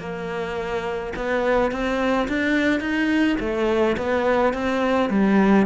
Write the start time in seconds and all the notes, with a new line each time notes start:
0.00 A#3
1.16 B3
1.72 C4
2.28 D4
2.80 D#4
3.40 A3
3.98 B3
4.54 C4
5.10 G3